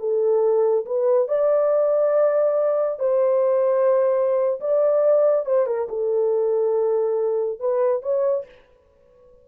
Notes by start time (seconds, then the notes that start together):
0.00 A4
0.86 B4
1.28 D5
3.00 C5
4.61 D5
5.46 C5
5.67 A#4
5.89 A4
7.60 B4
8.03 C#5